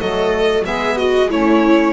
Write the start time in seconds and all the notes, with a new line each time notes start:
0.00 F#3 A3 A4 D#5
0.63 G#3 B3 G#4 E5
0.98 F#4 D#5
1.30 A3 C#4 E4 C#5